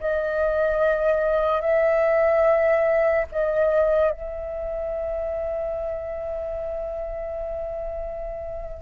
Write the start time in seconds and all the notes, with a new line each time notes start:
0.00 D#5
1.61 E5
3.31 D#5
4.10 E5